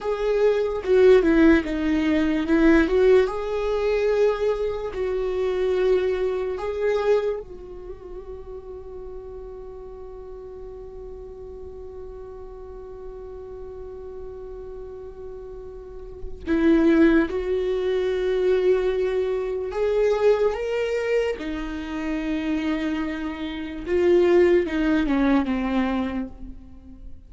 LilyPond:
\new Staff \with { instrumentName = "viola" } { \time 4/4 \tempo 4 = 73 gis'4 fis'8 e'8 dis'4 e'8 fis'8 | gis'2 fis'2 | gis'4 fis'2.~ | fis'1~ |
fis'1 | e'4 fis'2. | gis'4 ais'4 dis'2~ | dis'4 f'4 dis'8 cis'8 c'4 | }